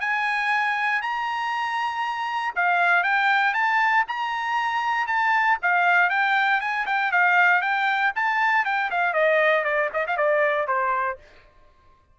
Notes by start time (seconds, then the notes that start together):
0.00 G#5
1.01 A#5
2.55 F5
3.03 G5
3.54 A5
4.07 A#5
5.07 A5
5.62 F5
6.10 G5
6.60 G#5
6.86 G5
7.12 F5
7.61 G5
8.15 A5
8.65 G5
8.90 F5
9.13 D#5
9.64 D5
9.93 D#5
10.07 F5
10.17 D5
10.67 C5